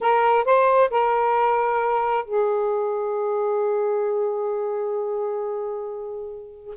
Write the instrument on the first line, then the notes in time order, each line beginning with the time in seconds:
saxophone
0.00 A#4
0.44 C5
0.90 A#4
2.24 G#4